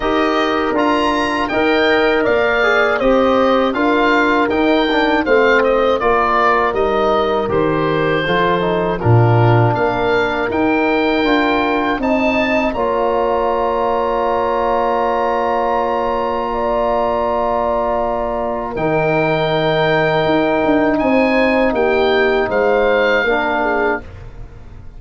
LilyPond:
<<
  \new Staff \with { instrumentName = "oboe" } { \time 4/4 \tempo 4 = 80 dis''4 ais''4 g''4 f''4 | dis''4 f''4 g''4 f''8 dis''8 | d''4 dis''4 c''2 | ais'4 f''4 g''2 |
a''4 ais''2.~ | ais''1~ | ais''4 g''2. | gis''4 g''4 f''2 | }
  \new Staff \with { instrumentName = "horn" } { \time 4/4 ais'2 dis''4 d''4 | c''4 ais'2 c''4 | ais'2. a'4 | f'4 ais'2. |
dis''4 cis''2.~ | cis''2 d''2~ | d''4 ais'2. | c''4 g'4 c''4 ais'8 gis'8 | }
  \new Staff \with { instrumentName = "trombone" } { \time 4/4 g'4 f'4 ais'4. gis'8 | g'4 f'4 dis'8 d'8 c'4 | f'4 dis'4 g'4 f'8 dis'8 | d'2 dis'4 f'4 |
dis'4 f'2.~ | f'1~ | f'4 dis'2.~ | dis'2. d'4 | }
  \new Staff \with { instrumentName = "tuba" } { \time 4/4 dis'4 d'4 dis'4 ais4 | c'4 d'4 dis'4 a4 | ais4 g4 dis4 f4 | ais,4 ais4 dis'4 d'4 |
c'4 ais2.~ | ais1~ | ais4 dis2 dis'8 d'8 | c'4 ais4 gis4 ais4 | }
>>